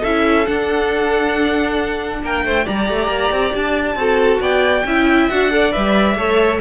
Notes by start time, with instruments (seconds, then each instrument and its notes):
0.00 cello C#4, viola E4, violin A4 E5
0.46 viola D4, cello D4, violin F#5
2.23 cello A#3, violin A#4 G5
2.45 cello A3, violin C5
2.65 cello G3, viola G4, violin D5 A#5
2.89 cello A3
3.08 cello A#3
3.32 cello C4
3.55 cello D4, violin A5
3.96 cello C4, viola F#4, violin A4
4.40 cello B3, violin D5 G5
4.85 cello C#4, viola E4, violin E5
5.29 cello D4, viola F#4, violin F#5
5.50 viola A4, violin D5
5.72 cello G3, viola B4, violin E5
6.16 cello A3, viola A4, violin C#5